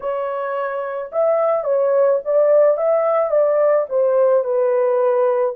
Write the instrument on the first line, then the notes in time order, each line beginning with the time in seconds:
horn
0.00 C#5
1.12 E5
1.64 C#5
2.25 D5
2.77 E5
3.30 D5
3.89 C5
4.43 B4